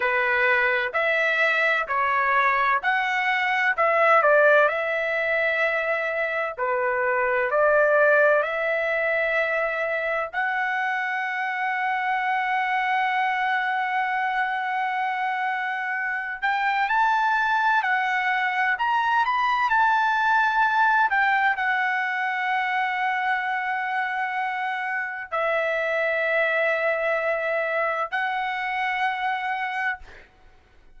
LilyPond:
\new Staff \with { instrumentName = "trumpet" } { \time 4/4 \tempo 4 = 64 b'4 e''4 cis''4 fis''4 | e''8 d''8 e''2 b'4 | d''4 e''2 fis''4~ | fis''1~ |
fis''4. g''8 a''4 fis''4 | ais''8 b''8 a''4. g''8 fis''4~ | fis''2. e''4~ | e''2 fis''2 | }